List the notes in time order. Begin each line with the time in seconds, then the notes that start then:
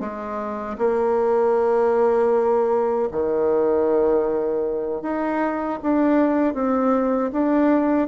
0.00 G#3
0.78 A#3
3.12 D#3
5.02 D#4
5.83 D4
6.54 C4
7.33 D4